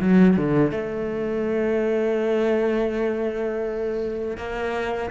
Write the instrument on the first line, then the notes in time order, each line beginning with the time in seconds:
cello
0.00 F#3
0.37 D3
0.71 A3
4.37 A#3